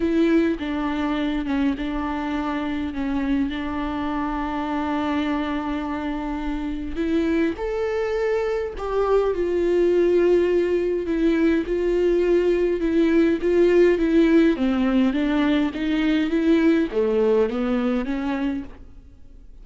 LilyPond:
\new Staff \with { instrumentName = "viola" } { \time 4/4 \tempo 4 = 103 e'4 d'4. cis'8 d'4~ | d'4 cis'4 d'2~ | d'1 | e'4 a'2 g'4 |
f'2. e'4 | f'2 e'4 f'4 | e'4 c'4 d'4 dis'4 | e'4 a4 b4 cis'4 | }